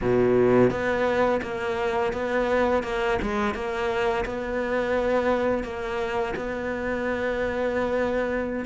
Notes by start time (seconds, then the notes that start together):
0.01 B2
0.70 B3
1.41 A#3
2.12 B3
2.83 A#3
3.21 G#3
3.54 A#3
4.25 B3
5.63 A#3
6.36 B3